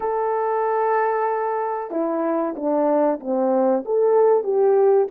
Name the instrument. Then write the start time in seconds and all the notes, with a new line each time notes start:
horn
0.00 A4
1.90 E4
2.55 D4
3.20 C4
3.85 A4
4.43 G4